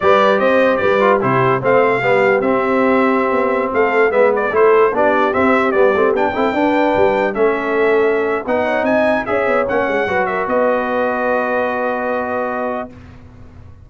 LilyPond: <<
  \new Staff \with { instrumentName = "trumpet" } { \time 4/4 \tempo 4 = 149 d''4 dis''4 d''4 c''4 | f''2 e''2~ | e''4~ e''16 f''4 e''8 d''8 c''8.~ | c''16 d''4 e''4 d''4 g''8.~ |
g''2~ g''16 e''4.~ e''16~ | e''4 fis''4 gis''4 e''4 | fis''4. e''8 dis''2~ | dis''1 | }
  \new Staff \with { instrumentName = "horn" } { \time 4/4 b'4 c''4 b'4 g'4 | c''4 g'2.~ | g'4~ g'16 a'4 b'4 a'8.~ | a'16 g'2.~ g'8 a'16~ |
a'16 b'2 a'4.~ a'16~ | a'4 b'8 cis''8 dis''4 cis''4~ | cis''4 b'8 ais'8 b'2~ | b'1 | }
  \new Staff \with { instrumentName = "trombone" } { \time 4/4 g'2~ g'8 f'8 e'4 | c'4 b4 c'2~ | c'2~ c'16 b4 e'8.~ | e'16 d'4 c'4 b8 c'8 d'8 e'16~ |
e'16 d'2 cis'4.~ cis'16~ | cis'4 dis'2 gis'4 | cis'4 fis'2.~ | fis'1 | }
  \new Staff \with { instrumentName = "tuba" } { \time 4/4 g4 c'4 g4 c4 | a4 g4 c'2~ | c'16 b4 a4 gis4 a8.~ | a16 b4 c'4 g8 a8 b8 c'16~ |
c'16 d'4 g4 a4.~ a16~ | a4 b4 c'4 cis'8 b8 | ais8 gis8 fis4 b2~ | b1 | }
>>